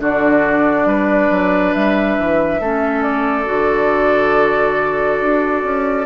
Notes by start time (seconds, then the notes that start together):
0.00 D3 D4 F#4 D5
0.85 G3 B4
1.31 F#3
1.74 G3 E5
2.19 E3
2.60 A3 C#4 A4
3.03 D5
3.45 D3 F#4
5.21 D4
5.64 C#4